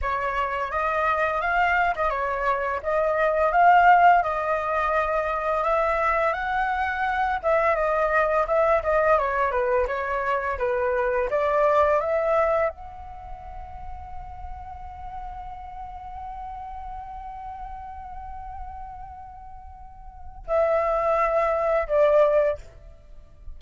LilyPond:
\new Staff \with { instrumentName = "flute" } { \time 4/4 \tempo 4 = 85 cis''4 dis''4 f''8. dis''16 cis''4 | dis''4 f''4 dis''2 | e''4 fis''4. e''8 dis''4 | e''8 dis''8 cis''8 b'8 cis''4 b'4 |
d''4 e''4 fis''2~ | fis''1~ | fis''1~ | fis''4 e''2 d''4 | }